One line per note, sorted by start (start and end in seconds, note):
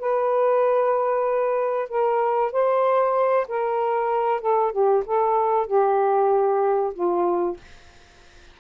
0.00 1.89 B4
1.89 2.52 A#4
2.53 3.47 C5
3.49 4.41 A#4
4.41 4.73 A4
4.73 5.04 G4
5.06 5.67 A4
5.67 6.94 G4
6.94 7.57 F4